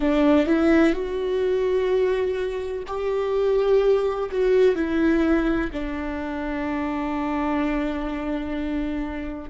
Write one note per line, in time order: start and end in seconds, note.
0.00 0.46 D4
0.46 0.93 E4
0.93 2.83 F#4
2.87 4.29 G4
4.31 4.75 F#4
4.75 5.70 E4
5.72 9.49 D4